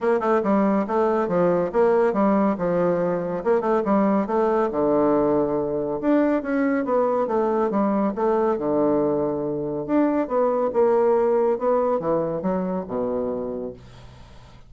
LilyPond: \new Staff \with { instrumentName = "bassoon" } { \time 4/4 \tempo 4 = 140 ais8 a8 g4 a4 f4 | ais4 g4 f2 | ais8 a8 g4 a4 d4~ | d2 d'4 cis'4 |
b4 a4 g4 a4 | d2. d'4 | b4 ais2 b4 | e4 fis4 b,2 | }